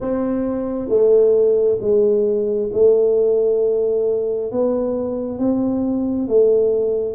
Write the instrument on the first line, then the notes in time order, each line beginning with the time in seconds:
tuba
0.00 C4
0.88 A3
1.80 G#3
2.72 A3
4.51 B3
5.38 C4
6.27 A3